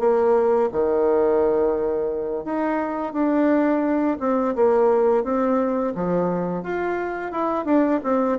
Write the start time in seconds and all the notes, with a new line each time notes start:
0.00 A#3
0.73 D#3
2.45 D#4
3.13 D4
4.21 C4
4.56 A#3
5.24 C4
5.95 F3
6.63 F4
7.32 E4
7.66 D4
8.04 C4